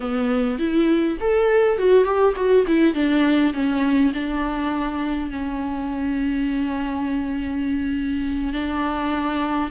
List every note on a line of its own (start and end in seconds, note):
0.00 0.59 B3
0.59 1.17 E4
1.20 1.78 A4
1.78 2.04 F#4
2.04 2.33 G4
2.35 2.65 F#4
2.67 2.94 E4
2.94 3.53 D4
3.53 4.12 C#4
4.13 5.30 D4
5.30 8.53 C#4
8.53 9.71 D4